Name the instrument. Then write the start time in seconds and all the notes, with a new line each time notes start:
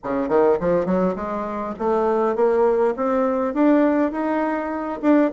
bassoon
0.03 C#3
0.28 D#3
0.60 F3
0.85 F#3
1.15 G#3
1.78 A3
2.35 A#3
2.96 C4
3.53 D4
4.11 D#4
5.02 D4